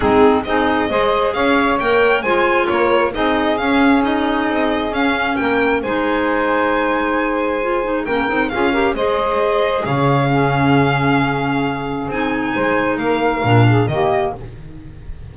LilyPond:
<<
  \new Staff \with { instrumentName = "violin" } { \time 4/4 \tempo 4 = 134 gis'4 dis''2 f''4 | g''4 gis''4 cis''4 dis''4 | f''4 dis''2 f''4 | g''4 gis''2.~ |
gis''2 g''4 f''4 | dis''2 f''2~ | f''2. gis''4~ | gis''4 f''2 dis''4 | }
  \new Staff \with { instrumentName = "saxophone" } { \time 4/4 dis'4 gis'4 c''4 cis''4~ | cis''4 c''4 ais'4 gis'4~ | gis'1 | ais'4 c''2.~ |
c''2 ais'4 gis'8 ais'8 | c''2 cis''4 gis'4~ | gis'1 | c''4 ais'4. gis'8 g'4 | }
  \new Staff \with { instrumentName = "clarinet" } { \time 4/4 c'4 dis'4 gis'2 | ais'4 f'2 dis'4 | cis'4 dis'2 cis'4~ | cis'4 dis'2.~ |
dis'4 f'8 dis'8 cis'8 dis'8 f'8 g'8 | gis'2. cis'4~ | cis'2. dis'4~ | dis'2 d'4 ais4 | }
  \new Staff \with { instrumentName = "double bass" } { \time 4/4 gis4 c'4 gis4 cis'4 | ais4 gis4 ais4 c'4 | cis'2 c'4 cis'4 | ais4 gis2.~ |
gis2 ais8 c'8 cis'4 | gis2 cis2~ | cis2. c'4 | gis4 ais4 ais,4 dis4 | }
>>